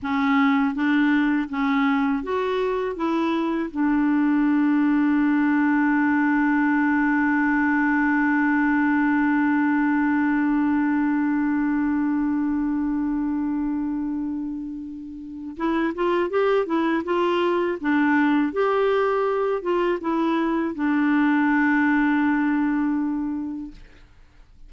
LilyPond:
\new Staff \with { instrumentName = "clarinet" } { \time 4/4 \tempo 4 = 81 cis'4 d'4 cis'4 fis'4 | e'4 d'2.~ | d'1~ | d'1~ |
d'1~ | d'4 e'8 f'8 g'8 e'8 f'4 | d'4 g'4. f'8 e'4 | d'1 | }